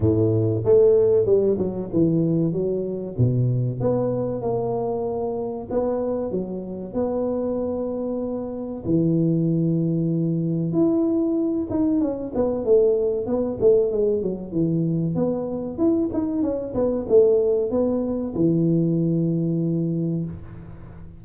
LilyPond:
\new Staff \with { instrumentName = "tuba" } { \time 4/4 \tempo 4 = 95 a,4 a4 g8 fis8 e4 | fis4 b,4 b4 ais4~ | ais4 b4 fis4 b4~ | b2 e2~ |
e4 e'4. dis'8 cis'8 b8 | a4 b8 a8 gis8 fis8 e4 | b4 e'8 dis'8 cis'8 b8 a4 | b4 e2. | }